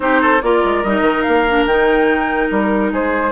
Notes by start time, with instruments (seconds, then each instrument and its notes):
0.00 bassoon C4, clarinet D#4, oboe G4, flute C5
0.21 oboe A4
0.42 bassoon A#3, clarinet F4, oboe A#4, flute D5
0.64 bassoon G#3
0.83 bassoon G3, clarinet D#4, flute D#5
1.01 bassoon D#3
1.22 bassoon A#3, flute F5
1.48 clarinet D4
1.65 bassoon D#3, clarinet D#4, flute G5
2.50 bassoon G3, flute A#4
2.92 bassoon G#3, oboe G#4, flute C5